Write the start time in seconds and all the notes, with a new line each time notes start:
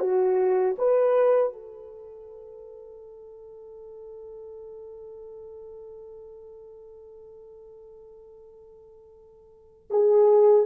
0.00 F#4
0.78 B4
1.53 A4
9.90 G#4